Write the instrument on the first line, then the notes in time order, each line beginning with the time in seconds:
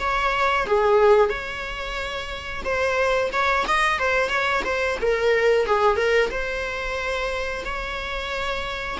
viola
0.00 C#5
0.67 G#4
1.29 C#5
2.64 C5
3.32 C#5
3.68 D#5
3.99 C5
4.29 C#5
4.65 C5
5.01 A#4
5.66 G#4
5.97 A#4
6.31 C5
7.65 C#5